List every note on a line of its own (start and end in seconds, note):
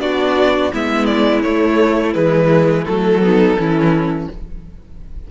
0.00 0.71 B3
0.00 0.72 D4
0.00 0.73 F#4
0.00 0.72 D5
0.73 1.45 G#3
0.73 1.44 B3
0.73 3.23 E4
0.73 1.06 E5
1.06 1.41 D5
1.42 2.14 A3
1.42 2.15 A3
1.42 2.13 C#5
2.14 2.86 E3
2.14 2.86 G#3
2.14 2.85 B4
2.85 3.56 F#3
2.85 3.21 A3
2.85 4.28 A4
3.21 3.57 B3
3.21 3.60 D#4
3.56 4.28 E3
3.56 4.29 C#4
3.56 4.31 E4